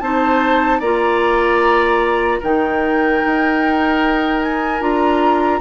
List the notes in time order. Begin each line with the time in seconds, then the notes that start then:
0.00 C4 D#4 C5 A5
0.79 A#3 F4 D5 A#5
2.40 D#3 D#4 A#4 G5
3.26 D#4
4.42 G#5
4.80 D4 F4 A#5